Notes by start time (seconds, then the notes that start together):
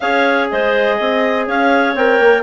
0.00 C#4 G#4 C#5 F5
0.50 G#3 C5 D#5
0.96 C4 D#5
1.46 C#4 C#5 F5
1.94 C4 A#4 G5
2.19 A#3